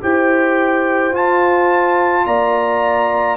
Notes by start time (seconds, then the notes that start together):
0.00 E4 G4 C5 G5
1.11 F4 A5
2.25 A#3 D5 A#5